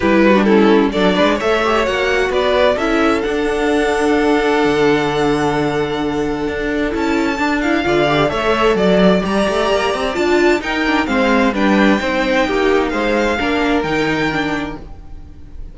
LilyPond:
<<
  \new Staff \with { instrumentName = "violin" } { \time 4/4 \tempo 4 = 130 b'4 a'4 d''4 e''4 | fis''4 d''4 e''4 fis''4~ | fis''1~ | fis''2. a''4~ |
a''8 f''4. e''4 d''4 | ais''2 a''4 g''4 | f''4 g''2. | f''2 g''2 | }
  \new Staff \with { instrumentName = "violin" } { \time 4/4 g'8 fis'8 e'4 a'8 b'8 cis''4~ | cis''4 b'4 a'2~ | a'1~ | a'1~ |
a'4 d''4 cis''4 d''4~ | d''2. ais'4 | c''4 b'4 c''4 g'4 | c''4 ais'2. | }
  \new Staff \with { instrumentName = "viola" } { \time 4/4 e'8. d'16 cis'4 d'4 a'8 g'8 | fis'2 e'4 d'4~ | d'1~ | d'2. e'4 |
d'8 e'8 f'8 g'8 a'2 | g'2 f'4 dis'8 d'8 | c'4 d'4 dis'2~ | dis'4 d'4 dis'4 d'4 | }
  \new Staff \with { instrumentName = "cello" } { \time 4/4 g2 fis8 gis8 a4 | ais4 b4 cis'4 d'4~ | d'2 d2~ | d2 d'4 cis'4 |
d'4 d4 a4 fis4 | g8 a8 ais8 c'8 d'4 dis'4 | gis4 g4 c'4 ais4 | gis4 ais4 dis2 | }
>>